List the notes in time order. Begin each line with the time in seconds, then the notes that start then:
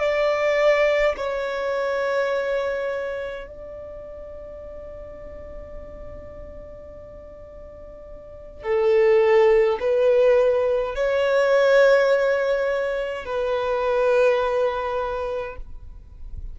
0.00 D5
1.17 C#5
3.48 D5
8.63 A4
9.80 B4
10.96 C#5
13.26 B4